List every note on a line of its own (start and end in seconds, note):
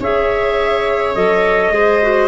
0.00 1.15 C#4
0.00 1.15 G#4
0.00 1.74 C#5
0.00 1.15 E5
1.15 1.70 F#3
1.15 1.72 A4
1.15 2.28 D#5
1.70 2.28 G#3
1.70 2.01 G#4
1.70 2.28 C5
2.02 2.28 F#4